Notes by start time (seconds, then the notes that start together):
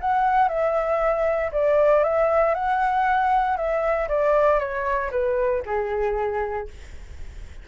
0.00 F#5
0.48 E5
1.52 D5
2.03 E5
2.54 F#5
3.56 E5
4.08 D5
4.59 C#5
5.11 B4
5.65 G#4